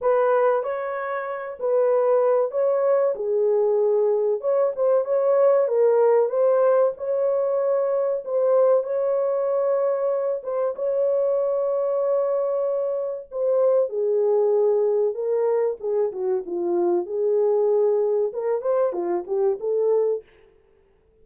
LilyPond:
\new Staff \with { instrumentName = "horn" } { \time 4/4 \tempo 4 = 95 b'4 cis''4. b'4. | cis''4 gis'2 cis''8 c''8 | cis''4 ais'4 c''4 cis''4~ | cis''4 c''4 cis''2~ |
cis''8 c''8 cis''2.~ | cis''4 c''4 gis'2 | ais'4 gis'8 fis'8 f'4 gis'4~ | gis'4 ais'8 c''8 f'8 g'8 a'4 | }